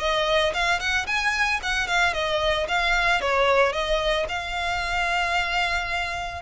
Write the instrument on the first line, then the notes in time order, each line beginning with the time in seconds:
violin
0.00 D#5
0.54 F5
0.80 F#5
1.07 G#5
1.63 F#5
1.88 F5
2.14 D#5
2.69 F5
3.21 C#5
3.73 D#5
4.29 F5